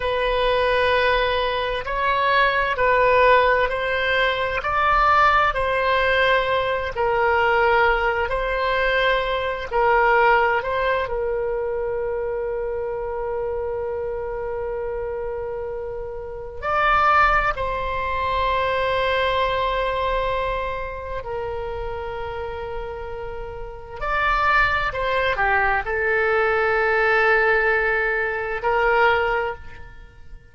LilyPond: \new Staff \with { instrumentName = "oboe" } { \time 4/4 \tempo 4 = 65 b'2 cis''4 b'4 | c''4 d''4 c''4. ais'8~ | ais'4 c''4. ais'4 c''8 | ais'1~ |
ais'2 d''4 c''4~ | c''2. ais'4~ | ais'2 d''4 c''8 g'8 | a'2. ais'4 | }